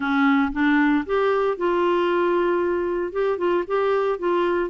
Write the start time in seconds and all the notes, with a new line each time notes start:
0.00 C#4
0.52 D4
1.06 G4
1.57 F4
3.12 G4
3.37 F4
3.67 G4
4.19 F4